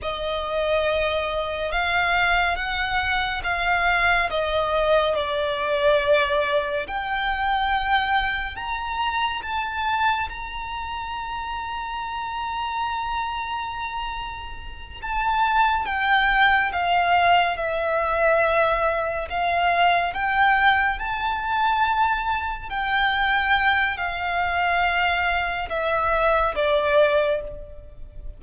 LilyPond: \new Staff \with { instrumentName = "violin" } { \time 4/4 \tempo 4 = 70 dis''2 f''4 fis''4 | f''4 dis''4 d''2 | g''2 ais''4 a''4 | ais''1~ |
ais''4. a''4 g''4 f''8~ | f''8 e''2 f''4 g''8~ | g''8 a''2 g''4. | f''2 e''4 d''4 | }